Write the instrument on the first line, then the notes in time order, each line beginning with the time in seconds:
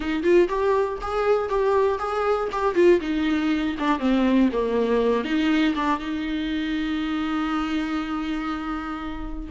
viola
0.00 D#4
0.22 F4
0.49 G4
1.01 G#4
1.49 G4
1.99 G#4
2.52 G4
2.75 F4
3.00 D#4
3.78 D4
3.99 C4
4.52 A#3
5.24 D#4
5.75 D4
5.99 D#4